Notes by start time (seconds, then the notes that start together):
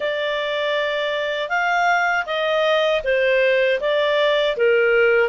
0.00 D5
1.49 F5
2.26 D#5
3.04 C5
3.80 D5
4.56 A#4